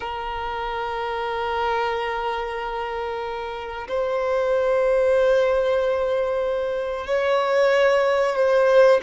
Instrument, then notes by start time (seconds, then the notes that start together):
violin
0.00 A#4
3.88 C5
7.06 C#5
8.35 C5